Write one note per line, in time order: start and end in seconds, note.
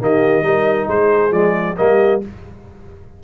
0.00 0.42 D#3
0.00 0.43 A#3
0.00 0.45 G4
0.00 0.89 D#5
0.42 0.86 G3
0.42 1.31 D#4
0.42 0.89 A#4
0.87 1.31 G#3
0.87 1.77 G#4
0.87 1.32 C5
1.31 1.75 F3
1.31 1.76 G#3
1.31 1.76 D5
1.77 2.23 G3
1.77 2.21 A#3
1.77 2.22 G4
1.77 2.21 D#5